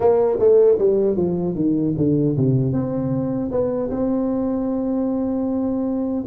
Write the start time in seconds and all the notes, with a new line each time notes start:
0.00 A#3
0.39 A3
0.78 G3
1.16 F3
1.55 D#3
1.97 D3
2.36 C3
2.72 C4
3.51 B3
3.90 C4